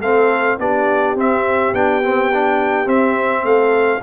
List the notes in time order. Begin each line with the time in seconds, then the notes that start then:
0.00 A3 C4 A4 F5
0.59 B3 D4 G4 D5
1.16 C4 E5
1.73 B3 D4 G5
2.03 C4
2.33 D4
2.86 C4 E5
3.43 A3 A4 F5